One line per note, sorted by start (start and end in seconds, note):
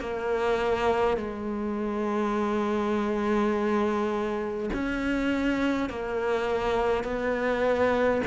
0.00 1.17 A#3
1.17 4.70 G#3
4.74 5.89 C#4
5.89 7.04 A#3
7.04 8.21 B3